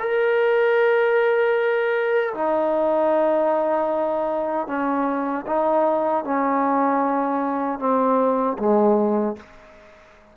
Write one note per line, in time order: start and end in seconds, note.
0.00 2.34 A#4
2.34 4.68 D#4
4.68 5.45 C#4
5.47 6.24 D#4
6.24 7.79 C#4
7.79 8.57 C4
8.59 9.36 G#3